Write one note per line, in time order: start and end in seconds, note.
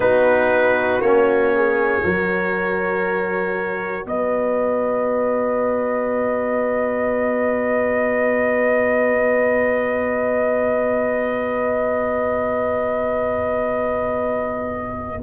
0.00 1.00 B3
0.00 1.01 D#4
0.00 1.55 F#4
0.00 1.01 B4
1.00 2.02 A#3
1.00 2.02 C#4
1.00 4.06 C#5
1.55 2.04 G#4
2.02 4.04 F#3
2.02 15.23 F#4
2.02 4.07 A#4
4.04 15.23 B3
4.04 15.23 B4
4.04 15.23 D#5